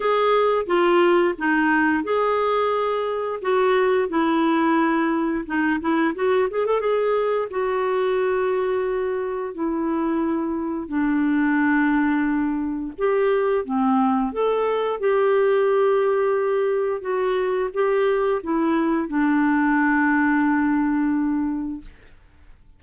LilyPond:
\new Staff \with { instrumentName = "clarinet" } { \time 4/4 \tempo 4 = 88 gis'4 f'4 dis'4 gis'4~ | gis'4 fis'4 e'2 | dis'8 e'8 fis'8 gis'16 a'16 gis'4 fis'4~ | fis'2 e'2 |
d'2. g'4 | c'4 a'4 g'2~ | g'4 fis'4 g'4 e'4 | d'1 | }